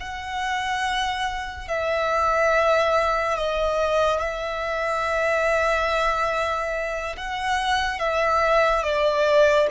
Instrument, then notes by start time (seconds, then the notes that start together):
violin
0.00 F#5
1.68 E5
3.38 D#5
4.20 E5
7.17 F#5
7.99 E5
8.83 D5